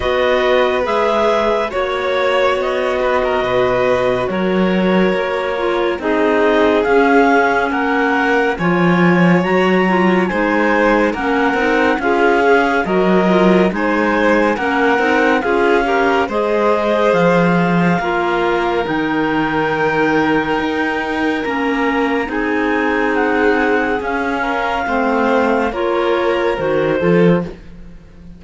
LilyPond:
<<
  \new Staff \with { instrumentName = "clarinet" } { \time 4/4 \tempo 4 = 70 dis''4 e''4 cis''4 dis''4~ | dis''4 cis''2 dis''4 | f''4 fis''4 gis''4 ais''4 | gis''4 fis''4 f''4 dis''4 |
gis''4 fis''4 f''4 dis''4 | f''2 g''2~ | g''4 ais''4 gis''4 fis''4 | f''2 cis''4 c''4 | }
  \new Staff \with { instrumentName = "violin" } { \time 4/4 b'2 cis''4. b'16 ais'16 | b'4 ais'2 gis'4~ | gis'4 ais'4 cis''2 | c''4 ais'4 gis'4 ais'4 |
c''4 ais'4 gis'8 ais'8 c''4~ | c''4 ais'2.~ | ais'2 gis'2~ | gis'8 ais'8 c''4 ais'4. a'8 | }
  \new Staff \with { instrumentName = "clarinet" } { \time 4/4 fis'4 gis'4 fis'2~ | fis'2~ fis'8 f'8 dis'4 | cis'2 f'4 fis'8 f'8 | dis'4 cis'8 dis'8 f'8 gis'8 fis'8 f'8 |
dis'4 cis'8 dis'8 f'8 g'8 gis'4~ | gis'4 f'4 dis'2~ | dis'4 cis'4 dis'2 | cis'4 c'4 f'4 fis'8 f'8 | }
  \new Staff \with { instrumentName = "cello" } { \time 4/4 b4 gis4 ais4 b4 | b,4 fis4 ais4 c'4 | cis'4 ais4 f4 fis4 | gis4 ais8 c'8 cis'4 fis4 |
gis4 ais8 c'8 cis'4 gis4 | f4 ais4 dis2 | dis'4 ais4 c'2 | cis'4 a4 ais4 dis8 f8 | }
>>